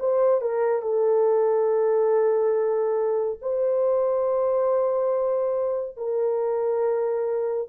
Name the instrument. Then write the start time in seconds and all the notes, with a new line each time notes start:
horn
0.00 C5
0.41 A#4
0.83 A4
3.42 C5
5.97 A#4